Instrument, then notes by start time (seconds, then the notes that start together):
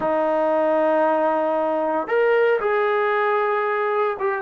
trombone
0.00 D#4
2.07 A#4
2.60 G#4
4.19 G4